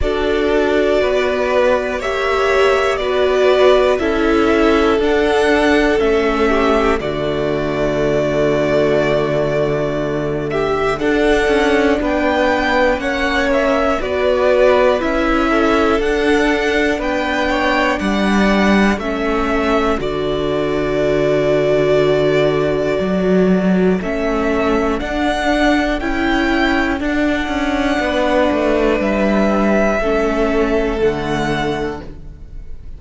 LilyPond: <<
  \new Staff \with { instrumentName = "violin" } { \time 4/4 \tempo 4 = 60 d''2 e''4 d''4 | e''4 fis''4 e''4 d''4~ | d''2~ d''8 e''8 fis''4 | g''4 fis''8 e''8 d''4 e''4 |
fis''4 g''4 fis''4 e''4 | d''1 | e''4 fis''4 g''4 fis''4~ | fis''4 e''2 fis''4 | }
  \new Staff \with { instrumentName = "violin" } { \time 4/4 a'4 b'4 cis''4 b'4 | a'2~ a'8 g'8 fis'4~ | fis'2~ fis'8 g'8 a'4 | b'4 cis''4 b'4. a'8~ |
a'4 b'8 cis''8 d''4 a'4~ | a'1~ | a'1 | b'2 a'2 | }
  \new Staff \with { instrumentName = "viola" } { \time 4/4 fis'2 g'4 fis'4 | e'4 d'4 cis'4 a4~ | a2. d'4~ | d'4 cis'4 fis'4 e'4 |
d'2. cis'4 | fis'1 | cis'4 d'4 e'4 d'4~ | d'2 cis'4 a4 | }
  \new Staff \with { instrumentName = "cello" } { \time 4/4 d'4 b4 ais4 b4 | cis'4 d'4 a4 d4~ | d2. d'8 cis'8 | b4 ais4 b4 cis'4 |
d'4 b4 g4 a4 | d2. fis4 | a4 d'4 cis'4 d'8 cis'8 | b8 a8 g4 a4 d4 | }
>>